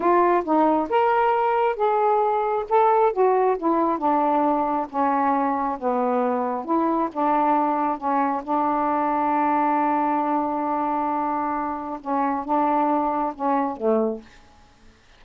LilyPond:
\new Staff \with { instrumentName = "saxophone" } { \time 4/4 \tempo 4 = 135 f'4 dis'4 ais'2 | gis'2 a'4 fis'4 | e'4 d'2 cis'4~ | cis'4 b2 e'4 |
d'2 cis'4 d'4~ | d'1~ | d'2. cis'4 | d'2 cis'4 a4 | }